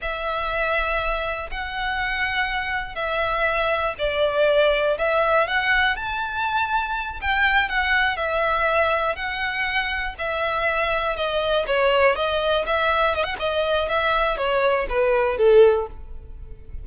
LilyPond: \new Staff \with { instrumentName = "violin" } { \time 4/4 \tempo 4 = 121 e''2. fis''4~ | fis''2 e''2 | d''2 e''4 fis''4 | a''2~ a''8 g''4 fis''8~ |
fis''8 e''2 fis''4.~ | fis''8 e''2 dis''4 cis''8~ | cis''8 dis''4 e''4 dis''16 fis''16 dis''4 | e''4 cis''4 b'4 a'4 | }